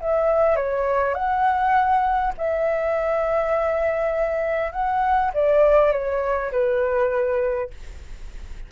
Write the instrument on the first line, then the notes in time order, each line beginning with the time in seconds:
flute
0.00 E5
0.56 C#5
1.14 F#5
2.38 E5
4.72 F#5
5.33 D5
5.92 C#5
6.51 B4